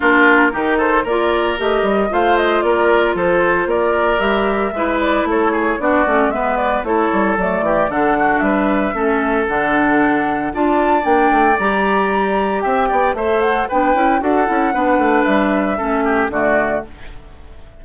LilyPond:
<<
  \new Staff \with { instrumentName = "flute" } { \time 4/4 \tempo 4 = 114 ais'4. c''8 d''4 dis''4 | f''8 dis''8 d''4 c''4 d''4 | e''4. d''8 cis''4 d''4 | e''8 d''8 cis''4 d''4 fis''4 |
e''2 fis''2 | a''4 g''4 ais''2 | g''4 e''8 fis''8 g''4 fis''4~ | fis''4 e''2 d''4 | }
  \new Staff \with { instrumentName = "oboe" } { \time 4/4 f'4 g'8 a'8 ais'2 | c''4 ais'4 a'4 ais'4~ | ais'4 b'4 a'8 gis'8 fis'4 | b'4 a'4. g'8 a'8 fis'8 |
b'4 a'2. | d''1 | e''8 d''8 c''4 b'4 a'4 | b'2 a'8 g'8 fis'4 | }
  \new Staff \with { instrumentName = "clarinet" } { \time 4/4 d'4 dis'4 f'4 g'4 | f'1 | g'4 e'2 d'8 cis'8 | b4 e'4 a4 d'4~ |
d'4 cis'4 d'2 | f'4 d'4 g'2~ | g'4 a'4 d'8 e'8 fis'8 e'8 | d'2 cis'4 a4 | }
  \new Staff \with { instrumentName = "bassoon" } { \time 4/4 ais4 dis4 ais4 a8 g8 | a4 ais4 f4 ais4 | g4 gis4 a4 b8 a8 | gis4 a8 g8 fis8 e8 d4 |
g4 a4 d2 | d'4 ais8 a8 g2 | c'8 b8 a4 b8 cis'8 d'8 cis'8 | b8 a8 g4 a4 d4 | }
>>